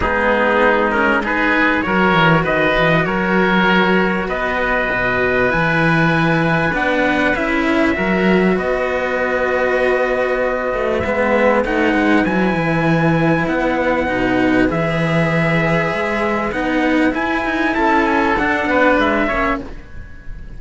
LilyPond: <<
  \new Staff \with { instrumentName = "trumpet" } { \time 4/4 \tempo 4 = 98 gis'4. ais'8 b'4 cis''4 | dis''4 cis''2 dis''4~ | dis''4 gis''2 fis''4 | e''2 dis''2~ |
dis''2 e''4 fis''4 | gis''2 fis''2 | e''2. fis''4 | gis''4 a''8 gis''8 fis''4 e''4 | }
  \new Staff \with { instrumentName = "oboe" } { \time 4/4 dis'2 gis'4 ais'4 | b'4 ais'2 b'4~ | b'1~ | b'4 ais'4 b'2~ |
b'1~ | b'1~ | b'1~ | b'4 a'4. b'4 cis''8 | }
  \new Staff \with { instrumentName = "cello" } { \time 4/4 b4. cis'8 dis'4 fis'4~ | fis'1~ | fis'4 e'2 d'4 | e'4 fis'2.~ |
fis'2 b4 dis'4 | e'2. dis'4 | gis'2. dis'4 | e'2 d'4. cis'8 | }
  \new Staff \with { instrumentName = "cello" } { \time 4/4 gis2. fis8 e8 | dis8 e8 fis2 b4 | b,4 e2 b4 | cis'4 fis4 b2~ |
b4. a8 gis4 a8 gis8 | fis8 e4. b4 b,4 | e2 gis4 b4 | e'8 dis'8 cis'4 d'8 b8 gis8 ais8 | }
>>